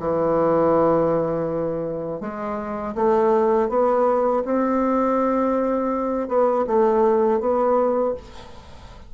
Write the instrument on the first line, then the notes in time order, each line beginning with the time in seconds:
bassoon
0.00 E3
2.21 G#3
2.96 A3
3.69 B3
4.45 C4
6.29 B3
6.67 A3
7.40 B3